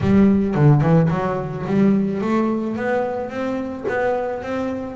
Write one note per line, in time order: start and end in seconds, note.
0.01 0.54 G3
0.54 0.81 D3
0.81 1.09 E3
1.10 1.65 F#3
1.66 2.21 G3
2.21 2.76 A3
2.76 3.30 B3
3.30 3.85 C4
3.88 4.42 B3
4.42 4.95 C4